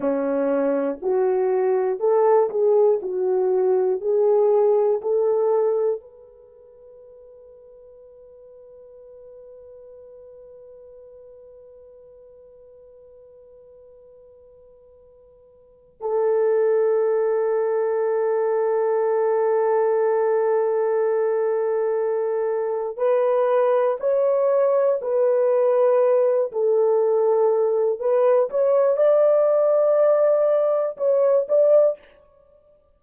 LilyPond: \new Staff \with { instrumentName = "horn" } { \time 4/4 \tempo 4 = 60 cis'4 fis'4 a'8 gis'8 fis'4 | gis'4 a'4 b'2~ | b'1~ | b'1 |
a'1~ | a'2. b'4 | cis''4 b'4. a'4. | b'8 cis''8 d''2 cis''8 d''8 | }